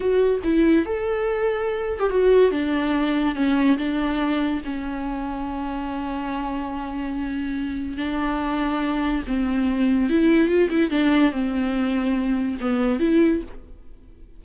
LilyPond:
\new Staff \with { instrumentName = "viola" } { \time 4/4 \tempo 4 = 143 fis'4 e'4 a'2~ | a'8. g'16 fis'4 d'2 | cis'4 d'2 cis'4~ | cis'1~ |
cis'2. d'4~ | d'2 c'2 | e'4 f'8 e'8 d'4 c'4~ | c'2 b4 e'4 | }